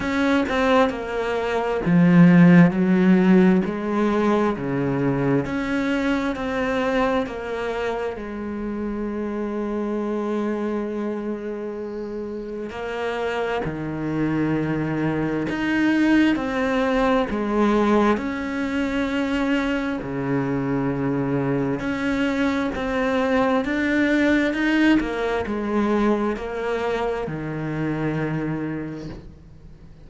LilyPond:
\new Staff \with { instrumentName = "cello" } { \time 4/4 \tempo 4 = 66 cis'8 c'8 ais4 f4 fis4 | gis4 cis4 cis'4 c'4 | ais4 gis2.~ | gis2 ais4 dis4~ |
dis4 dis'4 c'4 gis4 | cis'2 cis2 | cis'4 c'4 d'4 dis'8 ais8 | gis4 ais4 dis2 | }